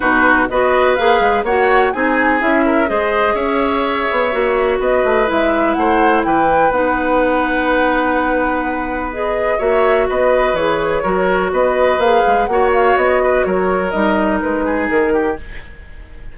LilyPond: <<
  \new Staff \with { instrumentName = "flute" } { \time 4/4 \tempo 4 = 125 b'4 dis''4 f''4 fis''4 | gis''4 e''4 dis''4 e''4~ | e''2 dis''4 e''4 | fis''4 g''4 fis''2~ |
fis''2. dis''4 | e''4 dis''4 cis''2 | dis''4 f''4 fis''8 f''8 dis''4 | cis''4 dis''4 b'4 ais'4 | }
  \new Staff \with { instrumentName = "oboe" } { \time 4/4 fis'4 b'2 cis''4 | gis'4. ais'8 c''4 cis''4~ | cis''2 b'2 | c''4 b'2.~ |
b'1 | cis''4 b'2 ais'4 | b'2 cis''4. b'8 | ais'2~ ais'8 gis'4 g'8 | }
  \new Staff \with { instrumentName = "clarinet" } { \time 4/4 dis'4 fis'4 gis'4 fis'4 | dis'4 e'4 gis'2~ | gis'4 fis'2 e'4~ | e'2 dis'2~ |
dis'2. gis'4 | fis'2 gis'4 fis'4~ | fis'4 gis'4 fis'2~ | fis'4 dis'2. | }
  \new Staff \with { instrumentName = "bassoon" } { \time 4/4 b,4 b4 ais8 gis8 ais4 | c'4 cis'4 gis4 cis'4~ | cis'8 b8 ais4 b8 a8 gis4 | a4 e4 b2~ |
b1 | ais4 b4 e4 fis4 | b4 ais8 gis8 ais4 b4 | fis4 g4 gis4 dis4 | }
>>